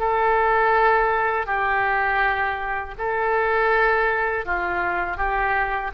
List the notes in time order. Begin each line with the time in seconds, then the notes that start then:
0.00 A4
1.47 G4
2.99 A4
4.46 F4
5.18 G4